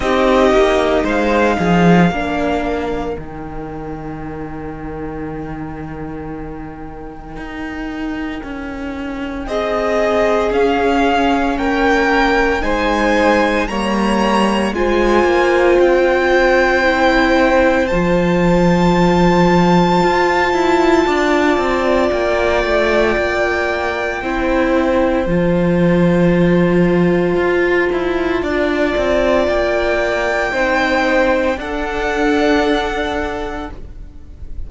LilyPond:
<<
  \new Staff \with { instrumentName = "violin" } { \time 4/4 \tempo 4 = 57 dis''4 f''2 g''4~ | g''1~ | g''4 dis''4 f''4 g''4 | gis''4 ais''4 gis''4 g''4~ |
g''4 a''2.~ | a''4 g''2. | a''1 | g''2 fis''2 | }
  \new Staff \with { instrumentName = "violin" } { \time 4/4 g'4 c''8 gis'8 ais'2~ | ais'1~ | ais'4 gis'2 ais'4 | c''4 cis''4 c''2~ |
c''1 | d''2. c''4~ | c''2. d''4~ | d''4 c''4 a'2 | }
  \new Staff \with { instrumentName = "viola" } { \time 4/4 dis'2 d'4 dis'4~ | dis'1~ | dis'2 cis'2 | dis'4 ais4 f'2 |
e'4 f'2.~ | f'2. e'4 | f'1~ | f'4 dis'4 d'2 | }
  \new Staff \with { instrumentName = "cello" } { \time 4/4 c'8 ais8 gis8 f8 ais4 dis4~ | dis2. dis'4 | cis'4 c'4 cis'4 ais4 | gis4 g4 gis8 ais8 c'4~ |
c'4 f2 f'8 e'8 | d'8 c'8 ais8 a8 ais4 c'4 | f2 f'8 e'8 d'8 c'8 | ais4 c'4 d'2 | }
>>